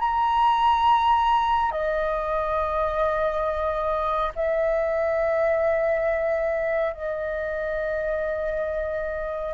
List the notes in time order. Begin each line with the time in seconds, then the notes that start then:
0.00 A#5
1.72 D#5
4.36 E5
6.94 D#5